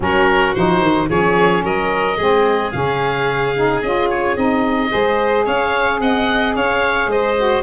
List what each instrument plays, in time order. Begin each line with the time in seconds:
0.00 tuba F#3, saxophone C#4, violin F#4, oboe A#4
0.54 tuba F3, saxophone D#4, oboe C5
0.81 tuba D#3
1.07 tuba F3, saxophone C#4, violin G#4, oboe C#5
1.63 tuba F#3, violin A#4, oboe D#5
2.17 tuba G#3, saxophone C4, violin G#4
2.71 tuba C#3, saxophone C#4, oboe F5
3.55 saxophone D#4
3.81 tuba C#4, saxophone F4, oboe D#5
4.09 oboe C#5
4.36 tuba C4, saxophone D#4, oboe D#5
4.90 tuba G#3, saxophone G#4, violin C5
5.45 tuba C#4, violin C#5, oboe F5
6.00 tuba C4, violin D#5, oboe F#5
6.55 tuba C#4, violin C#5, oboe F5
7.06 tuba G#3, violin C5, oboe D#5
7.36 saxophone F#4